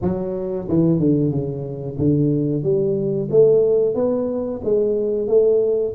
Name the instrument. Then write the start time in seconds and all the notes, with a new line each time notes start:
tuba
0.01 F#3
0.68 E3
0.99 D3
1.31 C#3
1.98 D3
2.63 G3
3.30 A3
3.94 B3
4.64 G#3
5.27 A3